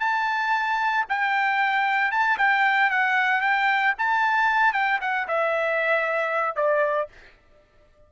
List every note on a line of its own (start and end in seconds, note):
0.00 1.05 A5
1.09 2.12 G5
2.12 2.38 A5
2.38 2.90 G5
2.90 3.41 F#5
3.41 3.94 G5
3.99 4.73 A5
4.73 5.00 G5
5.01 5.28 F#5
5.28 6.56 E5
6.56 7.09 D5